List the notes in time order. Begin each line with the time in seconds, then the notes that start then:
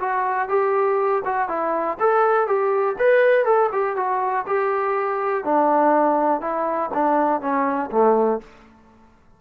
0.00 F#4
0.49 G4
1.25 F#4
1.49 E4
2.00 A4
2.47 G4
2.99 B4
3.45 A4
3.72 G4
3.97 F#4
4.47 G4
5.44 D4
6.41 E4
6.94 D4
7.41 C#4
7.92 A3